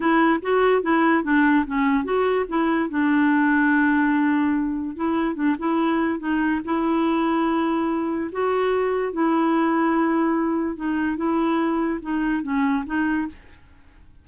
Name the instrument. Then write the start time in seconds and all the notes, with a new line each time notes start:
clarinet
0.00 E4
0.41 F#4
0.82 E4
1.23 D4
1.66 C#4
2.04 F#4
2.48 E4
2.89 D4
4.96 E4
5.35 D4
5.59 E4
6.19 D#4
6.64 E4
8.32 F#4
9.13 E4
10.76 D#4
11.16 E4
12.02 D#4
12.43 C#4
12.86 D#4